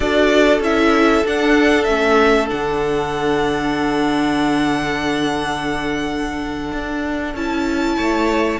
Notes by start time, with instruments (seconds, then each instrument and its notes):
0.00 cello D4, viola F#4, violin A4 D5
0.60 cello C#4, viola E4, violin E5
1.24 viola D4, cello D4, violin F#5
1.83 cello A3, viola C#4, violin E5
2.47 cello D3, viola D4, violin F#5
6.72 cello D4
7.34 cello C#4, viola E4, violin A5
7.96 cello A3, violin C#5